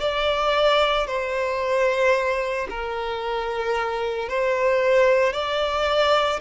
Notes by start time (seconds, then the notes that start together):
0.00 D5
1.07 C5
2.69 A#4
4.29 C5
5.33 D5